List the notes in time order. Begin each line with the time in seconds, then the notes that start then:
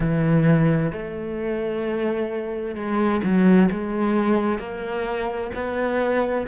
0.00 E3
0.92 A3
2.75 G#3
3.23 F#3
3.71 G#3
4.58 A#3
5.54 B3